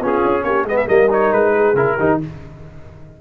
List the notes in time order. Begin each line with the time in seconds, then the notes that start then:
0.00 B3 C#4 F4
0.07 G#4
0.25 C#4
0.44 A#3 G4 C#5
0.64 G#3 B3 G#4 D#5
0.77 E5
0.87 G3 A#3 A#4 D#5
1.10 D#4 C#5
1.33 G#3 B4
1.56 G#4
1.74 C#3 E4 A#4
1.97 D#3 D#4 G4